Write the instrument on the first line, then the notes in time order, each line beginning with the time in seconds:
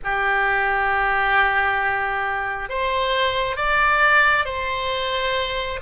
oboe
0.04 G4
2.69 C5
3.56 D5
4.45 C5